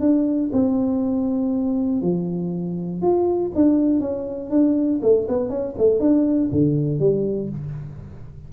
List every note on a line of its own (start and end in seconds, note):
0.00 0.50 D4
0.53 2.02 C4
2.02 3.02 F3
3.02 3.52 F4
3.55 4.00 D4
4.00 4.50 C#4
4.50 5.00 D4
5.02 5.27 A3
5.28 5.49 B3
5.49 5.74 C#4
5.77 6.00 A3
6.00 6.50 D4
6.52 6.99 D3
6.99 7.49 G3